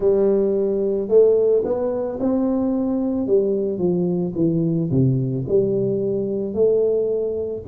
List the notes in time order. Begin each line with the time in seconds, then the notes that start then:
0.00 G3
1.08 A3
1.64 B3
2.19 C4
3.27 G3
3.78 F3
4.35 E3
4.90 C3
5.47 G3
6.54 A3